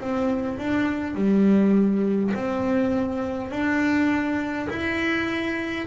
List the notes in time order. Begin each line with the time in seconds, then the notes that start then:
0.00 C4
0.58 D4
1.15 G3
2.34 C4
3.51 D4
4.70 E4